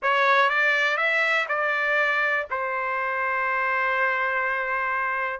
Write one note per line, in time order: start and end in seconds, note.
0.02 0.49 C#5
0.49 0.97 D5
0.97 1.46 E5
1.48 2.47 D5
2.50 5.39 C5